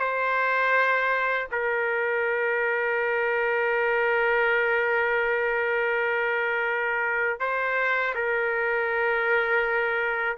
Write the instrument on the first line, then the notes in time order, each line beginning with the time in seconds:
trumpet
0.00 C5
1.52 A#4
7.40 C5
8.15 A#4